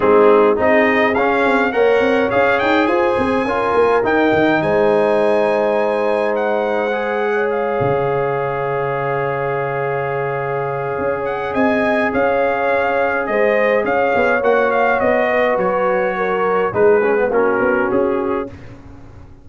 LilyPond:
<<
  \new Staff \with { instrumentName = "trumpet" } { \time 4/4 \tempo 4 = 104 gis'4 dis''4 f''4 fis''4 | f''8 g''8 gis''2 g''4 | gis''2. fis''4~ | fis''4 f''2.~ |
f''2.~ f''8 fis''8 | gis''4 f''2 dis''4 | f''4 fis''8 f''8 dis''4 cis''4~ | cis''4 b'4 ais'4 gis'4 | }
  \new Staff \with { instrumentName = "horn" } { \time 4/4 dis'4 gis'2 cis''4~ | cis''4 c''4 ais'2 | c''1~ | c''8. cis''2.~ cis''16~ |
cis''1 | dis''4 cis''2 c''4 | cis''2~ cis''8 b'4. | ais'4 gis'4 fis'2 | }
  \new Staff \with { instrumentName = "trombone" } { \time 4/4 c'4 dis'4 cis'4 ais'4 | gis'2 f'4 dis'4~ | dis'1 | gis'1~ |
gis'1~ | gis'1~ | gis'4 fis'2.~ | fis'4 dis'8 cis'16 b16 cis'2 | }
  \new Staff \with { instrumentName = "tuba" } { \time 4/4 gis4 c'4 cis'8 c'8 ais8 c'8 | cis'8 dis'8 f'8 c'8 cis'8 ais8 dis'8 dis8 | gis1~ | gis4. cis2~ cis8~ |
cis2. cis'4 | c'4 cis'2 gis4 | cis'8 b8 ais4 b4 fis4~ | fis4 gis4 ais8 b8 cis'4 | }
>>